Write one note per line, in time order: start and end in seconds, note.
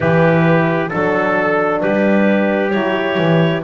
0.00 0.91 E3
0.00 0.89 E4
0.00 0.89 G4
0.00 0.90 B4
0.89 1.84 F#3
0.89 2.72 D4
0.89 1.80 A4
1.80 2.73 G3
1.80 3.63 G4
1.80 2.70 B4
2.70 3.17 F#3
2.70 3.63 E4
2.70 3.61 C#5
3.17 3.63 E3